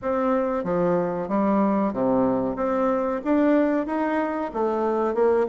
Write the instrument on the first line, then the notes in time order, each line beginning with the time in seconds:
bassoon
0.01 C4
0.64 F3
1.28 G3
1.93 C3
2.56 C4
3.24 D4
3.86 D#4
4.53 A3
5.14 A#3